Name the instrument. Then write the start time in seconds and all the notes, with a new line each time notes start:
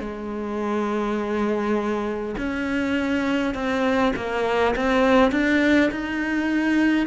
cello
0.00 G#3
2.38 C#4
3.55 C4
4.16 A#3
4.76 C4
5.32 D4
5.91 D#4